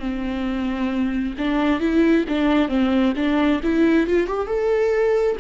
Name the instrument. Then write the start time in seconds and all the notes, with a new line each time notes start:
viola
0.00 C4
1.38 D4
1.81 E4
2.29 D4
2.69 C4
3.17 D4
3.64 E4
4.07 F4
4.27 G4
4.47 A4